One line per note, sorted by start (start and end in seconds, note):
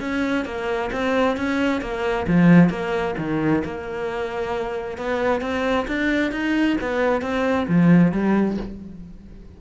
0.00 0.45 C#4
0.45 0.90 A#3
0.92 1.37 C4
1.37 1.81 C#4
1.81 2.26 A#3
2.27 2.70 F3
2.70 3.15 A#3
3.18 3.63 D#3
3.64 4.98 A#3
4.98 5.41 B3
5.41 5.86 C4
5.88 6.32 D4
6.32 6.77 D#4
6.81 7.21 B3
7.21 7.67 C4
7.68 8.12 F3
8.12 8.57 G3